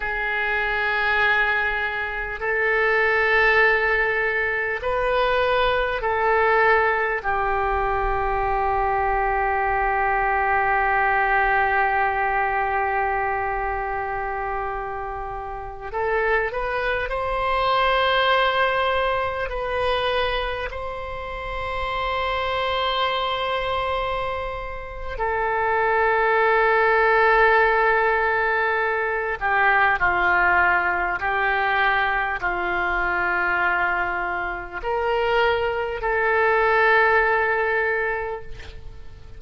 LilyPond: \new Staff \with { instrumentName = "oboe" } { \time 4/4 \tempo 4 = 50 gis'2 a'2 | b'4 a'4 g'2~ | g'1~ | g'4~ g'16 a'8 b'8 c''4.~ c''16~ |
c''16 b'4 c''2~ c''8.~ | c''4 a'2.~ | a'8 g'8 f'4 g'4 f'4~ | f'4 ais'4 a'2 | }